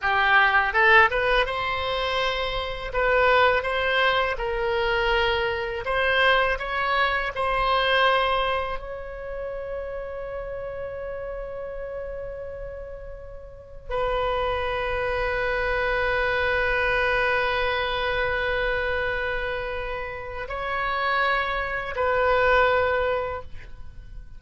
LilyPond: \new Staff \with { instrumentName = "oboe" } { \time 4/4 \tempo 4 = 82 g'4 a'8 b'8 c''2 | b'4 c''4 ais'2 | c''4 cis''4 c''2 | cis''1~ |
cis''2. b'4~ | b'1~ | b'1 | cis''2 b'2 | }